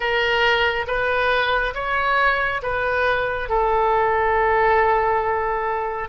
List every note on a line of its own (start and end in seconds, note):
0.00 0.85 A#4
0.87 1.74 B4
1.74 2.61 C#5
2.62 3.49 B4
3.49 6.09 A4